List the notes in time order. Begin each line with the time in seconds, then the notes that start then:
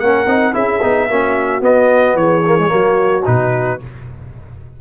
0.00 A#3 C#4 A#4 F#5
0.26 C4 D#4
0.53 C#4 E4 G#4 E5
0.82 B3 D#4
1.09 A#3 C#4 F#4
1.61 B3 D#5
2.15 E3 G#4 C#5
2.46 A#3
2.59 G#3
2.68 F#3 A#3 F#4
3.26 B2 D#4 B4